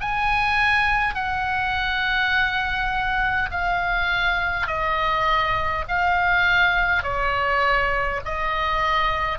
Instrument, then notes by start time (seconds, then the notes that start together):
oboe
0.00 G#5
1.14 F#5
3.51 F5
4.67 D#5
5.88 F5
7.03 C#5
8.25 D#5